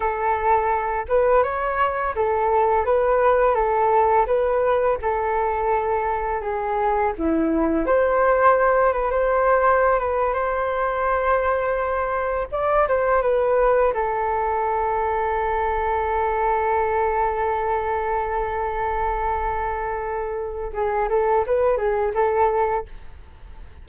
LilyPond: \new Staff \with { instrumentName = "flute" } { \time 4/4 \tempo 4 = 84 a'4. b'8 cis''4 a'4 | b'4 a'4 b'4 a'4~ | a'4 gis'4 e'4 c''4~ | c''8 b'16 c''4~ c''16 b'8 c''4.~ |
c''4. d''8 c''8 b'4 a'8~ | a'1~ | a'1~ | a'4 gis'8 a'8 b'8 gis'8 a'4 | }